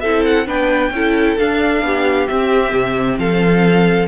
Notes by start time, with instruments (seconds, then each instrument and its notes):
0.00 cello C4, viola E4, violin A4 E5
0.25 violin F#5
0.46 cello B3, viola D4, violin B4 G5
0.90 cello C#4, viola E4, violin A4
1.38 viola D4, cello D4, violin F5
1.82 cello B3, violin G4
2.27 viola C4, cello C4, violin E5
2.72 cello C3
3.17 cello F3, violin A4 F5